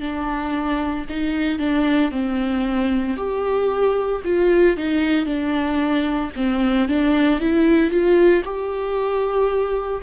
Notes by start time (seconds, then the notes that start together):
0.00 D4
1.09 D#4
1.58 D4
2.11 C4
3.17 G4
4.24 F4
4.77 D#4
5.25 D4
6.36 C4
6.89 D4
7.40 E4
7.90 F4
8.44 G4